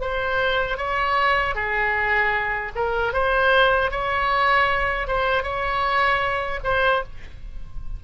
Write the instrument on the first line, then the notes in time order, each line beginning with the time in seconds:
oboe
0.00 C5
0.77 C#5
1.54 G#4
2.75 A#4
3.13 C5
3.91 C#5
5.07 C5
5.43 C#5
6.64 C5